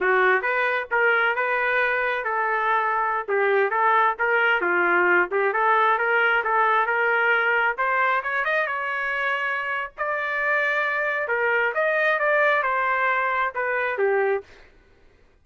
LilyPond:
\new Staff \with { instrumentName = "trumpet" } { \time 4/4 \tempo 4 = 133 fis'4 b'4 ais'4 b'4~ | b'4 a'2~ a'16 g'8.~ | g'16 a'4 ais'4 f'4. g'16~ | g'16 a'4 ais'4 a'4 ais'8.~ |
ais'4~ ais'16 c''4 cis''8 dis''8 cis''8.~ | cis''2 d''2~ | d''4 ais'4 dis''4 d''4 | c''2 b'4 g'4 | }